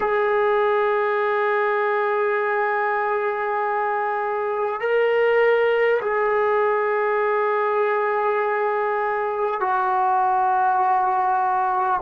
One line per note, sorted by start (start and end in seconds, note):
0.00 4.80 G#4
4.80 6.00 A#4
6.01 9.60 G#4
9.60 12.00 F#4